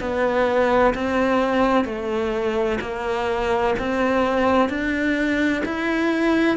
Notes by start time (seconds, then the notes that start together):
0.00 B3
0.94 C4
1.85 A3
2.81 A#3
3.78 C4
4.69 D4
5.65 E4